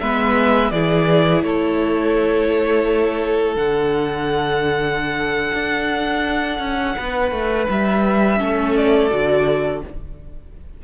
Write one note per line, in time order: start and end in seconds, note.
0.00 0.72 G#3
0.00 0.74 B3
0.00 0.72 B4
0.00 0.71 E5
0.71 1.43 E3
0.71 3.56 E4
0.71 1.45 G#4
0.71 1.42 D5
1.43 3.56 A3
1.43 6.96 A4
1.43 3.56 C#5
3.56 5.53 D3
3.56 8.38 D4
3.56 7.67 F#5
5.53 6.59 D4
6.59 6.95 C#4
6.96 7.32 B3
6.96 8.39 B4
7.32 7.67 A3
7.69 8.40 G3
7.69 8.77 E5
8.38 9.12 A3
8.38 9.09 C#4
8.38 9.82 A4
8.77 9.84 D5
9.10 9.83 D3
9.10 9.82 F#4